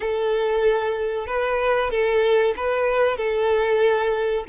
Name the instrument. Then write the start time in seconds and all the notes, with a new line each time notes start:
violin
0.00 A4
1.26 B4
1.90 A4
2.56 B4
3.17 A4